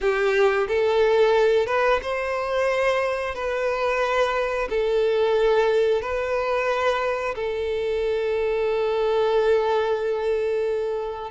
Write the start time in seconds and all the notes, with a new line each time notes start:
0.00 G4
0.68 A4
1.66 B4
2.02 C5
3.35 B4
4.69 A4
6.01 B4
7.35 A4